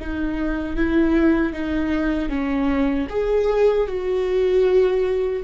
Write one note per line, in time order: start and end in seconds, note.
0.00 0.77 D#4
0.77 1.53 E4
1.53 2.30 D#4
2.30 3.08 C#4
3.10 3.88 G#4
3.88 5.44 F#4